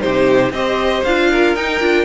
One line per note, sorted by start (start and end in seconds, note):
0.00 0.51 C3
0.00 0.51 D#4
0.00 0.54 G4
0.00 0.52 C5
0.51 1.02 C4
0.51 1.06 G4
0.51 1.31 C5
0.51 1.04 D#5
1.04 1.55 D4
1.04 1.57 F4
1.04 1.55 F5
1.31 2.05 A#4
1.55 1.80 D#4
1.55 1.81 D#4
1.55 2.05 G5
1.80 2.05 D4
1.80 2.05 F4